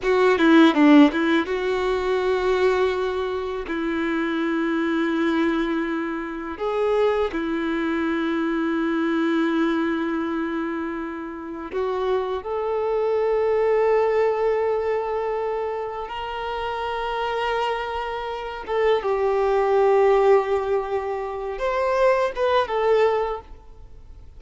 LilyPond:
\new Staff \with { instrumentName = "violin" } { \time 4/4 \tempo 4 = 82 fis'8 e'8 d'8 e'8 fis'2~ | fis'4 e'2.~ | e'4 gis'4 e'2~ | e'1 |
fis'4 a'2.~ | a'2 ais'2~ | ais'4. a'8 g'2~ | g'4. c''4 b'8 a'4 | }